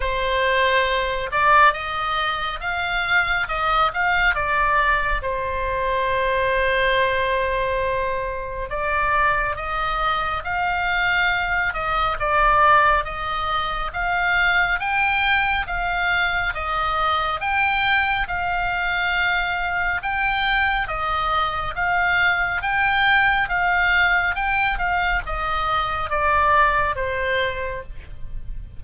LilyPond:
\new Staff \with { instrumentName = "oboe" } { \time 4/4 \tempo 4 = 69 c''4. d''8 dis''4 f''4 | dis''8 f''8 d''4 c''2~ | c''2 d''4 dis''4 | f''4. dis''8 d''4 dis''4 |
f''4 g''4 f''4 dis''4 | g''4 f''2 g''4 | dis''4 f''4 g''4 f''4 | g''8 f''8 dis''4 d''4 c''4 | }